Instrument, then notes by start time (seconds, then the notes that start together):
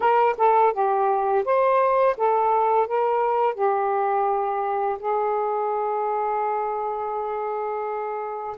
saxophone
0.00 A#4
0.37 A4
0.73 G4
1.44 C5
2.17 A4
2.87 A#4
3.54 G4
4.99 G#4